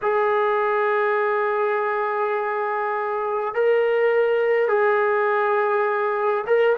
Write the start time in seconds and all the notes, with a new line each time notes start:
0.02 G#4
3.54 A#4
4.68 G#4
6.47 A#4